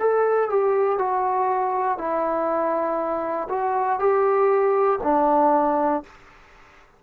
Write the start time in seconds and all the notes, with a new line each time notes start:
0.00 A4
0.50 G4
0.98 F#4
1.98 E4
3.49 F#4
3.99 G4
5.03 D4